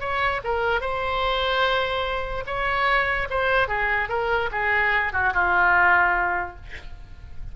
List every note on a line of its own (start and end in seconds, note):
0.00 0.41 C#5
0.44 0.81 A#4
0.81 2.44 C5
2.46 3.28 C#5
3.30 3.68 C5
3.68 4.08 G#4
4.08 4.49 A#4
4.51 5.13 G#4
5.13 5.33 F#4
5.33 6.56 F4